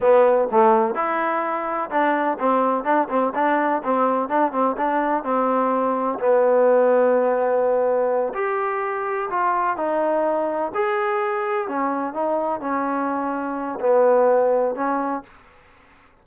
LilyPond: \new Staff \with { instrumentName = "trombone" } { \time 4/4 \tempo 4 = 126 b4 a4 e'2 | d'4 c'4 d'8 c'8 d'4 | c'4 d'8 c'8 d'4 c'4~ | c'4 b2.~ |
b4. g'2 f'8~ | f'8 dis'2 gis'4.~ | gis'8 cis'4 dis'4 cis'4.~ | cis'4 b2 cis'4 | }